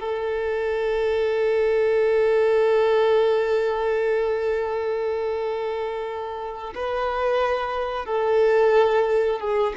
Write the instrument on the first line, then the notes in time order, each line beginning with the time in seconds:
violin
0.00 A4
6.75 B4
8.06 A4
9.40 G#4